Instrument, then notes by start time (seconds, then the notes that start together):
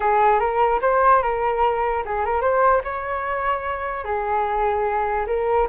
flute
0.00 G#4
0.39 A#4
0.81 C5
1.22 A#4
2.05 G#4
2.25 A#4
2.41 C5
2.84 C#5
4.04 G#4
5.26 A#4